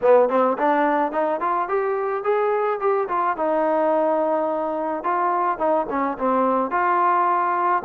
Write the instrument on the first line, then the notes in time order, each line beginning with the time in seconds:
trombone
0.01 B3
0.29 C4
0.58 D4
1.12 D#4
1.40 F4
1.68 G4
2.23 G#4
2.80 G4
3.08 F4
3.36 D#4
5.03 F4
5.58 D#4
5.89 C#4
6.18 C4
6.70 F4